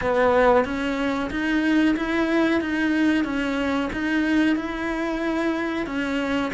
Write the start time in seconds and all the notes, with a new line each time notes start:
0.01 B3
0.64 C#4
1.30 D#4
1.96 E4
2.61 D#4
3.24 C#4
3.92 D#4
4.55 E4
5.86 C#4